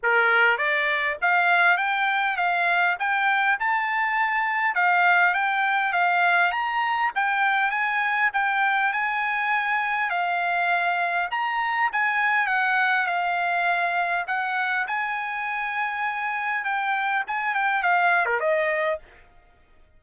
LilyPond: \new Staff \with { instrumentName = "trumpet" } { \time 4/4 \tempo 4 = 101 ais'4 d''4 f''4 g''4 | f''4 g''4 a''2 | f''4 g''4 f''4 ais''4 | g''4 gis''4 g''4 gis''4~ |
gis''4 f''2 ais''4 | gis''4 fis''4 f''2 | fis''4 gis''2. | g''4 gis''8 g''8 f''8. ais'16 dis''4 | }